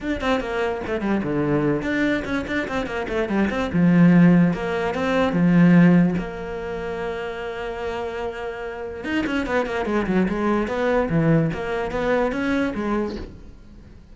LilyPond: \new Staff \with { instrumentName = "cello" } { \time 4/4 \tempo 4 = 146 d'8 c'8 ais4 a8 g8 d4~ | d8 d'4 cis'8 d'8 c'8 ais8 a8 | g8 c'8 f2 ais4 | c'4 f2 ais4~ |
ais1~ | ais2 dis'8 cis'8 b8 ais8 | gis8 fis8 gis4 b4 e4 | ais4 b4 cis'4 gis4 | }